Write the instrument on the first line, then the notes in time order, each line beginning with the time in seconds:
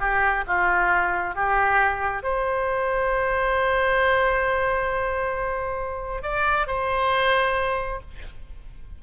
oboe
0.00 G4
0.47 F4
1.35 G4
2.23 C5
6.23 D5
6.67 C5